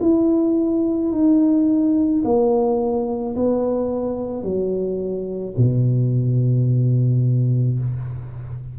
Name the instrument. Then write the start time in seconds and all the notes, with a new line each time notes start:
tuba
0.00 E4
1.11 D#4
2.24 A#3
3.35 B3
4.43 F#3
5.57 B2